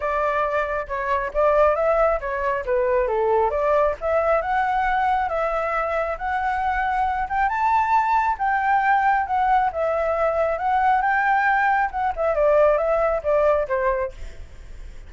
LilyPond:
\new Staff \with { instrumentName = "flute" } { \time 4/4 \tempo 4 = 136 d''2 cis''4 d''4 | e''4 cis''4 b'4 a'4 | d''4 e''4 fis''2 | e''2 fis''2~ |
fis''8 g''8 a''2 g''4~ | g''4 fis''4 e''2 | fis''4 g''2 fis''8 e''8 | d''4 e''4 d''4 c''4 | }